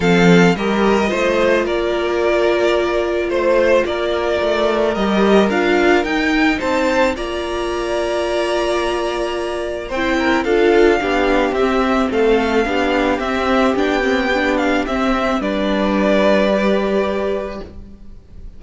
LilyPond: <<
  \new Staff \with { instrumentName = "violin" } { \time 4/4 \tempo 4 = 109 f''4 dis''2 d''4~ | d''2 c''4 d''4~ | d''4 dis''4 f''4 g''4 | a''4 ais''2.~ |
ais''2 g''4 f''4~ | f''4 e''4 f''2 | e''4 g''4. f''8 e''4 | d''1 | }
  \new Staff \with { instrumentName = "violin" } { \time 4/4 a'4 ais'4 c''4 ais'4~ | ais'2 c''4 ais'4~ | ais'1 | c''4 d''2.~ |
d''2 c''8 ais'8 a'4 | g'2 a'4 g'4~ | g'1 | b'1 | }
  \new Staff \with { instrumentName = "viola" } { \time 4/4 c'4 g'4 f'2~ | f'1~ | f'4 g'4 f'4 dis'4~ | dis'4 f'2.~ |
f'2 e'4 f'4 | d'4 c'2 d'4 | c'4 d'8 c'8 d'4 c'4 | d'2 g'2 | }
  \new Staff \with { instrumentName = "cello" } { \time 4/4 f4 g4 a4 ais4~ | ais2 a4 ais4 | a4 g4 d'4 dis'4 | c'4 ais2.~ |
ais2 c'4 d'4 | b4 c'4 a4 b4 | c'4 b2 c'4 | g1 | }
>>